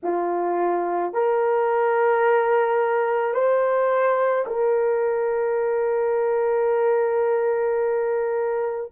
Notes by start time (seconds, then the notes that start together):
0.03 F4
1.13 A#4
3.34 C5
4.46 A#4